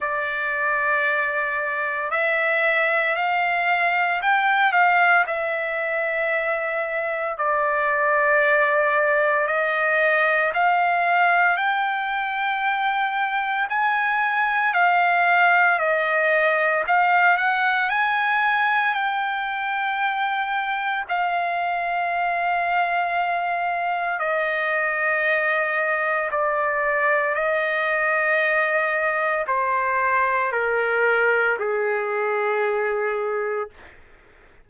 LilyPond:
\new Staff \with { instrumentName = "trumpet" } { \time 4/4 \tempo 4 = 57 d''2 e''4 f''4 | g''8 f''8 e''2 d''4~ | d''4 dis''4 f''4 g''4~ | g''4 gis''4 f''4 dis''4 |
f''8 fis''8 gis''4 g''2 | f''2. dis''4~ | dis''4 d''4 dis''2 | c''4 ais'4 gis'2 | }